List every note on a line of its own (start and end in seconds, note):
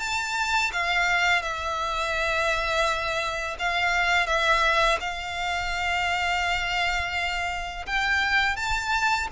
0.00 0.71 A5
0.73 1.43 F5
1.43 3.57 E5
3.59 4.27 F5
4.27 4.98 E5
5.01 7.86 F5
7.87 8.57 G5
8.57 9.28 A5